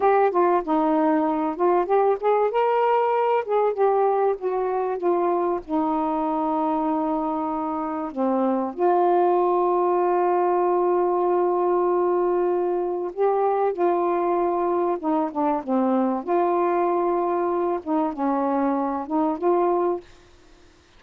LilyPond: \new Staff \with { instrumentName = "saxophone" } { \time 4/4 \tempo 4 = 96 g'8 f'8 dis'4. f'8 g'8 gis'8 | ais'4. gis'8 g'4 fis'4 | f'4 dis'2.~ | dis'4 c'4 f'2~ |
f'1~ | f'4 g'4 f'2 | dis'8 d'8 c'4 f'2~ | f'8 dis'8 cis'4. dis'8 f'4 | }